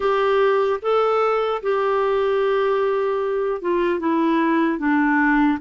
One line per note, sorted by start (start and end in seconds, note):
0.00 0.80 G4
0.82 1.62 A4
1.62 3.61 G4
3.61 3.99 F4
3.99 4.78 E4
4.78 5.58 D4